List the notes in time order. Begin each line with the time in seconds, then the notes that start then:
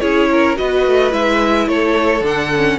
0.00 C#4 E4 G#4 C#5
0.31 A#4
0.56 B3 F#4 B4 D#5
0.87 A3
1.11 G#3 E4 E5
1.68 A3 A4 C#5
2.21 D3 D4 F#5
2.56 C#4